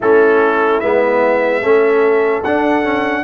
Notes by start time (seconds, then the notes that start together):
0.00 A3 C#4 E4 A4
0.80 G#3 B3 E5
1.61 A3 C#4 A4
2.43 D4 F#5
2.83 C#4